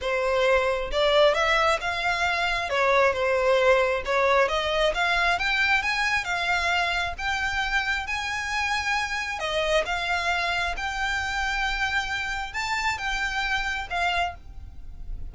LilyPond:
\new Staff \with { instrumentName = "violin" } { \time 4/4 \tempo 4 = 134 c''2 d''4 e''4 | f''2 cis''4 c''4~ | c''4 cis''4 dis''4 f''4 | g''4 gis''4 f''2 |
g''2 gis''2~ | gis''4 dis''4 f''2 | g''1 | a''4 g''2 f''4 | }